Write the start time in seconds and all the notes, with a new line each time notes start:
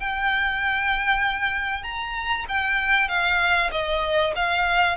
0.00 G5
1.83 A#5
2.48 G5
3.08 F5
3.72 D#5
4.36 F5